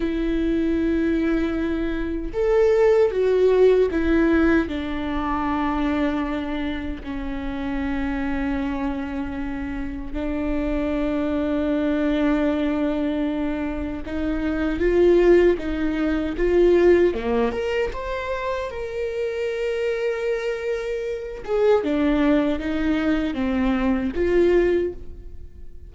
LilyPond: \new Staff \with { instrumentName = "viola" } { \time 4/4 \tempo 4 = 77 e'2. a'4 | fis'4 e'4 d'2~ | d'4 cis'2.~ | cis'4 d'2.~ |
d'2 dis'4 f'4 | dis'4 f'4 ais8 ais'8 c''4 | ais'2.~ ais'8 gis'8 | d'4 dis'4 c'4 f'4 | }